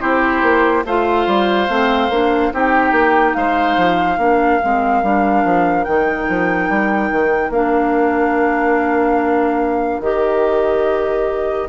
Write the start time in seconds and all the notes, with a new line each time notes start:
0.00 C4 E4 G4 C5
0.42 A#3
0.85 A3 F4 C5 F5
1.27 G3
1.68 A3 C4
2.10 A#3 D4
2.53 C4 D#4 G4 G5
2.92 A#3
3.34 G#3 C5 F5
3.77 F3
4.18 A#3 D4 A#4
4.63 G#3 C4
5.03 G3 D4
5.44 F3
5.84 D#3 D#4 G5
6.28 F3
6.69 G3
7.11 D#3
7.50 A#3 D4 F5
10.00 D#3 G4 D#5